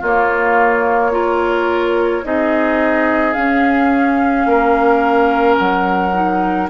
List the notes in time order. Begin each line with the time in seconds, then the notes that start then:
0.00 A#3 F4 C#5
1.12 F4 A#4
2.24 C4 D#4 G#4 D#5
3.33 C#4 F5
4.46 A#3 A#4
5.57 F#3 F#5
6.13 D#4